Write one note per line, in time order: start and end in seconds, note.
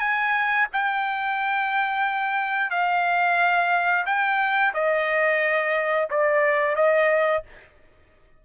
0.00 0.67 G#5
0.73 2.71 G5
2.71 4.05 F5
4.06 4.74 G5
4.74 6.09 D#5
6.10 6.76 D5
6.76 7.43 D#5